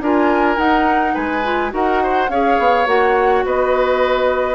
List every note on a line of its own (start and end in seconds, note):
0.00 0.57 D4
0.00 0.57 F4
0.00 1.14 A#4
0.00 0.58 G#5
0.57 1.43 D#4
0.57 1.15 D#4
0.57 1.14 F#5
1.14 1.72 G#3
1.14 1.71 B4
1.14 1.72 G#5
1.43 1.70 F4
1.70 2.29 D#4
1.70 2.27 F#4
1.70 2.02 A#4
1.70 2.30 F#5
2.03 2.30 C5
2.29 2.57 C#4
2.29 2.86 G#4
2.29 3.45 C#5
2.29 2.87 F5
2.59 2.86 B3
2.86 3.44 A#3
2.86 4.55 F#4
2.86 3.44 F#5
3.45 4.55 B3
3.45 4.55 B4
3.45 4.55 D#5